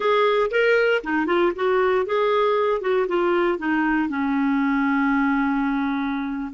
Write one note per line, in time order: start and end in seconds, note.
0.00 0.50 G#4
0.50 1.02 A#4
1.03 1.26 D#4
1.26 1.52 F4
1.55 2.06 F#4
2.06 2.81 G#4
2.81 3.07 F#4
3.08 3.58 F4
3.58 4.08 D#4
4.08 6.52 C#4